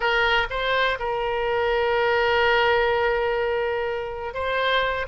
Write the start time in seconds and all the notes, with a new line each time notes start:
0.00 A#4
0.50 C5
0.99 A#4
4.34 C5